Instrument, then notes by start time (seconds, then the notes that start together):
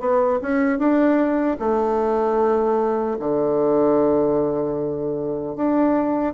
bassoon
0.00 B3
0.42 C#4
0.79 D4
1.60 A3
3.19 D3
5.56 D4